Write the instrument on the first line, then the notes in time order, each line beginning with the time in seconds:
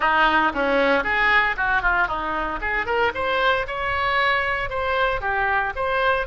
oboe
0.00 D#4
0.54 C#4
1.03 G#4
1.57 F#4
1.82 F4
2.07 D#4
2.61 G#4
2.86 A#4
3.14 C5
3.67 C#5
4.69 C5
5.20 G4
5.75 C5